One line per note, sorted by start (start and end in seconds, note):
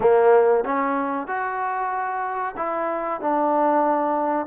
0.00 0.64 A#3
0.64 1.27 C#4
1.27 2.55 F#4
2.56 3.20 E4
3.20 4.46 D4